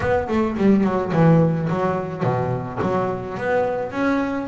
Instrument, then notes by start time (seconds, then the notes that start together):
double bass
0.00 B3
0.28 A3
0.57 G3
0.84 F#3
1.12 E3
1.69 F#3
2.23 B2
2.81 F#3
3.37 B3
3.91 C#4